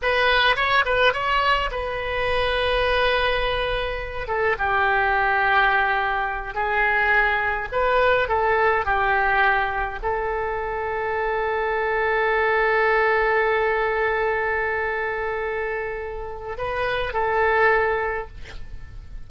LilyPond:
\new Staff \with { instrumentName = "oboe" } { \time 4/4 \tempo 4 = 105 b'4 cis''8 b'8 cis''4 b'4~ | b'2.~ b'8 a'8 | g'2.~ g'8 gis'8~ | gis'4. b'4 a'4 g'8~ |
g'4. a'2~ a'8~ | a'1~ | a'1~ | a'4 b'4 a'2 | }